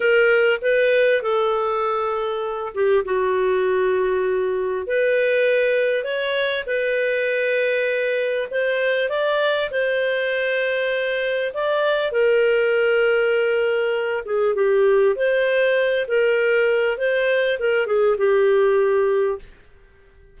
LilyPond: \new Staff \with { instrumentName = "clarinet" } { \time 4/4 \tempo 4 = 99 ais'4 b'4 a'2~ | a'8 g'8 fis'2. | b'2 cis''4 b'4~ | b'2 c''4 d''4 |
c''2. d''4 | ais'2.~ ais'8 gis'8 | g'4 c''4. ais'4. | c''4 ais'8 gis'8 g'2 | }